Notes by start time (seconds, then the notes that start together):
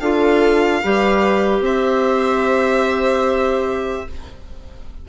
0.00 D4 F4 A4 F5
0.83 G3 G4 B4
1.60 C4 C5 E5